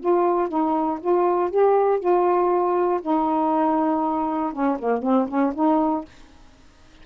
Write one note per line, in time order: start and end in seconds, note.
0.00 0.48 F4
0.48 0.99 D#4
1.00 1.50 F4
1.50 1.99 G4
1.99 3.00 F4
3.01 4.52 D#4
4.52 4.78 C#4
4.79 5.02 A#3
5.02 5.27 C4
5.28 5.53 C#4
5.54 6.05 D#4